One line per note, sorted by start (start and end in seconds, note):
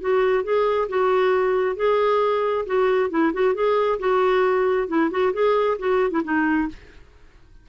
0.00 0.43 F#4
0.43 0.88 G#4
0.88 1.76 F#4
1.76 2.65 G#4
2.66 3.10 F#4
3.10 3.32 E4
3.33 3.54 F#4
3.54 3.99 G#4
3.99 4.88 F#4
4.88 5.10 E4
5.10 5.33 F#4
5.33 5.77 G#4
5.78 6.10 F#4
6.10 6.21 E4
6.24 6.68 D#4